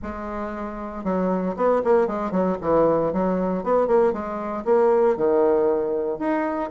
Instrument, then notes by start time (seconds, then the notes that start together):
bassoon
0.02 G#3
1.03 F#3
1.56 B3
1.84 A#3
2.07 G#3
2.31 F#3
2.61 E3
3.12 F#3
3.63 B3
3.87 A#3
4.12 G#3
4.65 A#3
5.17 D#3
6.18 D#4